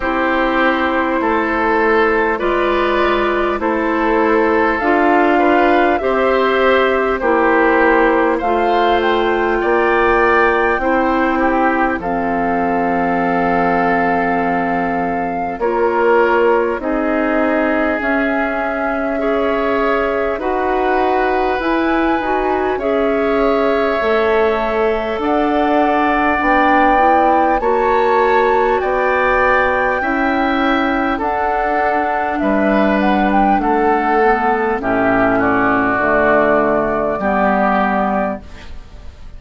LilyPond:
<<
  \new Staff \with { instrumentName = "flute" } { \time 4/4 \tempo 4 = 50 c''2 d''4 c''4 | f''4 e''4 c''4 f''8 g''8~ | g''2 f''2~ | f''4 cis''4 dis''4 e''4~ |
e''4 fis''4 gis''4 e''4~ | e''4 fis''4 g''4 a''4 | g''2 fis''4 e''8 fis''16 g''16 | fis''4 e''8 d''2~ d''8 | }
  \new Staff \with { instrumentName = "oboe" } { \time 4/4 g'4 a'4 b'4 a'4~ | a'8 b'8 c''4 g'4 c''4 | d''4 c''8 g'8 a'2~ | a'4 ais'4 gis'2 |
cis''4 b'2 cis''4~ | cis''4 d''2 cis''4 | d''4 e''4 a'4 b'4 | a'4 g'8 fis'4. g'4 | }
  \new Staff \with { instrumentName = "clarinet" } { \time 4/4 e'2 f'4 e'4 | f'4 g'4 e'4 f'4~ | f'4 e'4 c'2~ | c'4 f'4 dis'4 cis'4 |
gis'4 fis'4 e'8 fis'8 gis'4 | a'2 d'8 e'8 fis'4~ | fis'4 e'4 d'2~ | d'8 b8 cis'4 a4 b4 | }
  \new Staff \with { instrumentName = "bassoon" } { \time 4/4 c'4 a4 gis4 a4 | d'4 c'4 ais4 a4 | ais4 c'4 f2~ | f4 ais4 c'4 cis'4~ |
cis'4 dis'4 e'8 dis'8 cis'4 | a4 d'4 b4 ais4 | b4 cis'4 d'4 g4 | a4 a,4 d4 g4 | }
>>